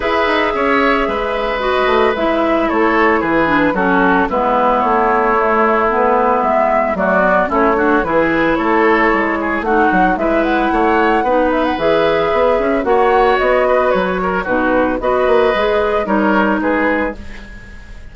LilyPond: <<
  \new Staff \with { instrumentName = "flute" } { \time 4/4 \tempo 4 = 112 e''2. dis''4 | e''4 cis''4 b'4 a'4 | b'4 cis''2 b'4 | e''4 d''4 cis''4 b'4 |
cis''2 fis''4 e''8 fis''8~ | fis''4. e''16 fis''16 e''2 | fis''4 dis''4 cis''4 b'4 | dis''2 cis''4 b'4 | }
  \new Staff \with { instrumentName = "oboe" } { \time 4/4 b'4 cis''4 b'2~ | b'4 a'4 gis'4 fis'4 | e'1~ | e'4 fis'4 e'8 fis'8 gis'4 |
a'4. gis'8 fis'4 b'4 | cis''4 b'2. | cis''4. b'4 ais'8 fis'4 | b'2 ais'4 gis'4 | }
  \new Staff \with { instrumentName = "clarinet" } { \time 4/4 gis'2. fis'4 | e'2~ e'8 d'8 cis'4 | b2 a4 b4~ | b4 a8 b8 cis'8 d'8 e'4~ |
e'2 dis'4 e'4~ | e'4 dis'4 gis'2 | fis'2. dis'4 | fis'4 gis'4 dis'2 | }
  \new Staff \with { instrumentName = "bassoon" } { \time 4/4 e'8 dis'8 cis'4 gis4. a8 | gis4 a4 e4 fis4 | gis4 a2. | gis4 fis4 a4 e4 |
a4 gis4 a8 fis8 gis4 | a4 b4 e4 b8 cis'8 | ais4 b4 fis4 b,4 | b8 ais8 gis4 g4 gis4 | }
>>